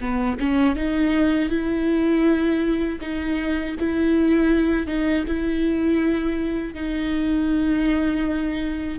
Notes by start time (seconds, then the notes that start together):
0.00 B3
0.39 C#4
0.75 D#4
1.49 E4
3.00 D#4
3.79 E4
4.86 D#4
5.26 E4
6.74 D#4